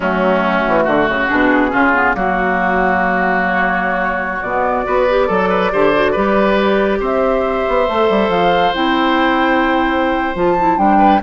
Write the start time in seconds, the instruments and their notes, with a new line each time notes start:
0.00 bassoon F#3, clarinet A3, oboe C#4, flute F#4
0.67 bassoon E3
0.84 bassoon D3, oboe F#4
1.08 bassoon C#3
1.28 bassoon B2, clarinet D4, flute G#4
1.69 bassoon C#3, clarinet C#4, oboe F4
1.93 clarinet B3
2.13 bassoon F#3, clarinet A#3, flute F#4, oboe F#4
3.46 flute C#5
4.42 bassoon B2, clarinet B3, flute D5
4.84 bassoon B3, clarinet F#4, oboe B4
5.09 clarinet G4
5.27 bassoon F#3, oboe A4, clarinet A4
5.49 oboe B4
5.72 bassoon D3, clarinet G4, oboe C5
5.94 clarinet F#4
6.12 bassoon G3, clarinet G4, oboe B4
7.00 bassoon C4, oboe C5, flute E5
7.68 bassoon B3
7.88 bassoon A3, clarinet A4
8.09 bassoon G3
8.29 bassoon F3, flute F5
8.74 bassoon C4, clarinet E4, flute G5
10.34 bassoon F3, clarinet F4, flute A5
10.58 clarinet E4
10.77 bassoon G3, clarinet D4, flute G5
10.98 oboe B4